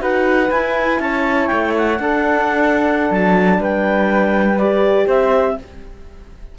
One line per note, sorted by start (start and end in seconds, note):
0.00 0.50 D#4
0.00 0.49 F#4
0.00 1.00 B4
0.00 0.51 F#5
0.52 1.00 E4
0.52 1.99 E4
0.52 1.01 G#5
1.00 1.49 C#4
1.00 2.01 C#5
1.00 1.47 A5
1.47 1.99 A3
1.47 1.72 G5
1.78 3.12 F#5
1.99 4.57 D4
1.99 3.10 D4
1.99 3.60 A4
3.11 3.58 F#3
3.11 3.62 A5
3.58 5.06 G3
3.58 5.07 B4
3.58 4.58 G5
4.58 5.59 G4
4.58 5.07 D5
5.07 5.57 C4
5.07 5.56 C5
5.07 5.59 E5